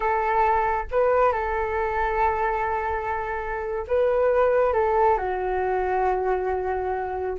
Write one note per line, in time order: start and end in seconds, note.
0.00 0.85 A4
0.91 1.32 B4
1.32 3.86 A4
3.87 4.73 B4
4.73 5.17 A4
5.17 7.38 F#4